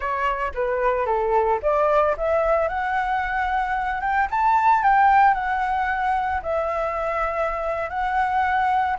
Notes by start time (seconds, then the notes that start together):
0.00 C#5
0.54 B4
1.06 A4
1.62 D5
2.17 E5
2.68 F#5
4.00 G5
4.30 A5
4.83 G5
5.34 F#5
6.42 E5
7.89 F#5